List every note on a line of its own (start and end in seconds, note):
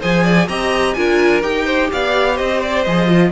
0.00 0.48 F3
0.00 0.48 G#4
0.00 0.23 C5
0.00 0.48 G#5
0.23 0.47 D5
0.48 0.95 C4
0.48 0.96 G4
0.48 0.96 D#5
0.48 0.93 A#5
0.93 1.43 D4
0.93 1.41 F4
0.93 1.65 A#4
0.93 1.41 G#5
1.41 1.90 D#4
1.41 2.83 G4
1.41 1.90 G5
1.65 1.88 C5
1.92 2.39 B3
1.92 2.34 D5
1.92 2.37 F5
2.34 2.86 C4
2.34 3.28 C5
2.34 2.61 D#5
2.62 2.83 D5
2.83 3.31 F3
2.83 3.07 G#4
2.83 3.30 D#5
3.07 3.31 F4